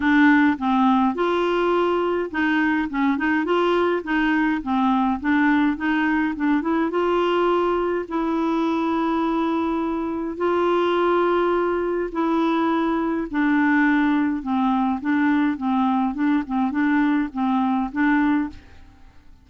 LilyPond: \new Staff \with { instrumentName = "clarinet" } { \time 4/4 \tempo 4 = 104 d'4 c'4 f'2 | dis'4 cis'8 dis'8 f'4 dis'4 | c'4 d'4 dis'4 d'8 e'8 | f'2 e'2~ |
e'2 f'2~ | f'4 e'2 d'4~ | d'4 c'4 d'4 c'4 | d'8 c'8 d'4 c'4 d'4 | }